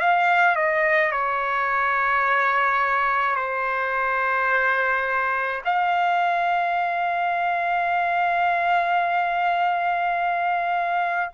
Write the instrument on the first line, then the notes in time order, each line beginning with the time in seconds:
trumpet
0.00 F5
0.56 D#5
1.12 C#5
3.36 C5
5.65 F5